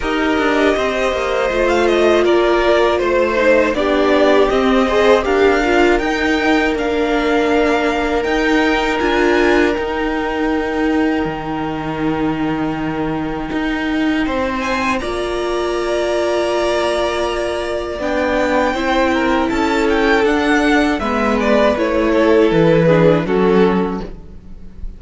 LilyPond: <<
  \new Staff \with { instrumentName = "violin" } { \time 4/4 \tempo 4 = 80 dis''2~ dis''16 f''16 dis''8 d''4 | c''4 d''4 dis''4 f''4 | g''4 f''2 g''4 | gis''4 g''2.~ |
g''2.~ g''8 gis''8 | ais''1 | g''2 a''8 g''8 fis''4 | e''8 d''8 cis''4 b'4 a'4 | }
  \new Staff \with { instrumentName = "violin" } { \time 4/4 ais'4 c''2 ais'4 | c''4 g'4. c''8 ais'4~ | ais'1~ | ais'1~ |
ais'2. c''4 | d''1~ | d''4 c''8 ais'8 a'2 | b'4. a'4 gis'8 fis'4 | }
  \new Staff \with { instrumentName = "viola" } { \time 4/4 g'2 f'2~ | f'8 dis'8 d'4 c'8 gis'8 g'8 f'8 | dis'4 d'2 dis'4 | f'4 dis'2.~ |
dis'1 | f'1 | d'4 e'2 d'4 | b4 e'4. d'8 cis'4 | }
  \new Staff \with { instrumentName = "cello" } { \time 4/4 dis'8 d'8 c'8 ais8 a4 ais4 | a4 b4 c'4 d'4 | dis'4 ais2 dis'4 | d'4 dis'2 dis4~ |
dis2 dis'4 c'4 | ais1 | b4 c'4 cis'4 d'4 | gis4 a4 e4 fis4 | }
>>